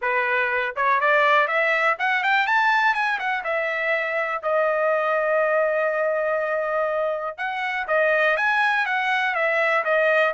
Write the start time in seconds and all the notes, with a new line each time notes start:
0.01 B4
0.76 C#5
1.00 D5
1.47 E5
1.98 F#5
2.23 G5
2.46 A5
2.94 G#5
3.19 F#5
3.44 E5
4.42 D#5
7.37 F#5
7.87 D#5
8.37 G#5
8.85 F#5
9.34 E5
9.84 D#5